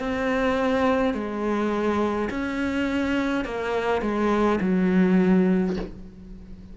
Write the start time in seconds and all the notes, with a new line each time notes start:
0.00 C4
1.14 G#3
2.30 C#4
3.45 A#3
4.02 G#3
4.61 F#3